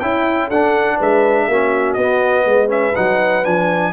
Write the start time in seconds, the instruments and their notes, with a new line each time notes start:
0.00 tuba C#4, horn E4, trombone E4, trumpet G5
0.48 tuba D4, trombone D4, horn A4, trumpet F#5
0.98 tuba G#3, horn B4, trumpet E5
1.48 tuba A#3, trombone C#4, horn F#4
1.94 tuba B3, trombone B3, trumpet D#5
2.45 tuba G#3, horn B4
2.68 trombone C#4, trumpet E5
2.95 tuba F#3, trombone D#4, trumpet F#5
3.44 tuba F3, trombone D4, trumpet G#5